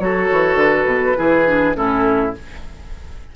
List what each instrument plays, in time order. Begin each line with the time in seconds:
0.00 bassoon F#3, clarinet F#4, oboe A4, flute C#5
0.32 bassoon E3
0.55 bassoon D3, flute B4
0.86 bassoon B2
1.16 bassoon E3, clarinet E4, oboe G#4
1.46 clarinet D4
1.74 bassoon A2, clarinet C#4, oboe E4, flute A4